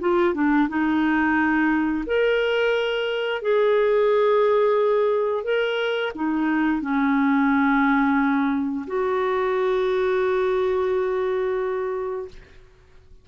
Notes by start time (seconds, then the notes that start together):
0.00 F4
0.34 D4
0.68 D#4
2.06 A#4
3.42 G#4
5.44 A#4
6.15 D#4
6.82 C#4
8.87 F#4